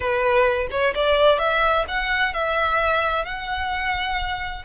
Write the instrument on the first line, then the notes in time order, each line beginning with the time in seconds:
violin
0.00 B4
0.70 C#5
0.94 D5
1.38 E5
1.88 F#5
2.33 E5
3.25 F#5